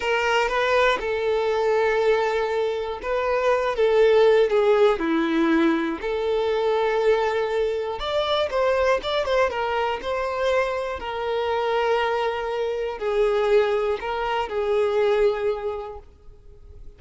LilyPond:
\new Staff \with { instrumentName = "violin" } { \time 4/4 \tempo 4 = 120 ais'4 b'4 a'2~ | a'2 b'4. a'8~ | a'4 gis'4 e'2 | a'1 |
d''4 c''4 d''8 c''8 ais'4 | c''2 ais'2~ | ais'2 gis'2 | ais'4 gis'2. | }